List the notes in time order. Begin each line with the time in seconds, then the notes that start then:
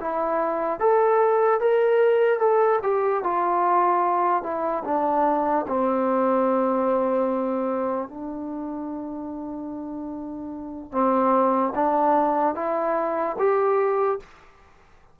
0.00 E4
0.80 A4
1.60 A#4
2.39 A4
2.83 G4
3.23 F4
4.43 E4
4.85 D4
5.68 C4
8.08 D4
10.92 C4
11.75 D4
12.55 E4
13.38 G4